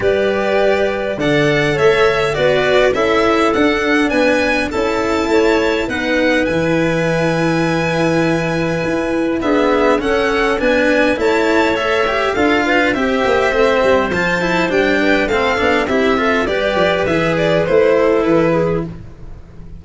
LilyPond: <<
  \new Staff \with { instrumentName = "violin" } { \time 4/4 \tempo 4 = 102 d''2 fis''4 e''4 | d''4 e''4 fis''4 gis''4 | a''2 fis''4 gis''4~ | gis''1 |
e''4 fis''4 gis''4 a''4 | e''4 f''4 e''2 | a''4 g''4 f''4 e''4 | d''4 e''8 d''8 c''4 b'4 | }
  \new Staff \with { instrumentName = "clarinet" } { \time 4/4 b'2 d''4 cis''4 | b'4 a'2 b'4 | a'4 cis''4 b'2~ | b'1 |
gis'4 a'4 b'4 cis''4~ | cis''4 a'8 b'8 c''2~ | c''4. b'8 a'4 g'8 a'8 | b'2~ b'8 a'4 gis'8 | }
  \new Staff \with { instrumentName = "cello" } { \time 4/4 g'2 a'2 | fis'4 e'4 d'2 | e'2 dis'4 e'4~ | e'1 |
b4 cis'4 d'4 e'4 | a'8 g'8 f'4 g'4 c'4 | f'8 e'8 d'4 c'8 d'8 e'8 f'8 | g'4 gis'4 e'2 | }
  \new Staff \with { instrumentName = "tuba" } { \time 4/4 g2 d4 a4 | b4 cis'4 d'4 b4 | cis'4 a4 b4 e4~ | e2. e'4 |
d'4 cis'4 b4 a4~ | a4 d'4 c'8 ais8 a8 g8 | f4 g4 a8 b8 c'4 | g8 f8 e4 a4 e4 | }
>>